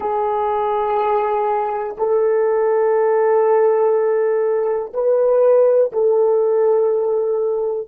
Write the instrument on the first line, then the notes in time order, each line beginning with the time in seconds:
horn
0.00 G#4
1.97 A4
4.93 B4
5.92 A4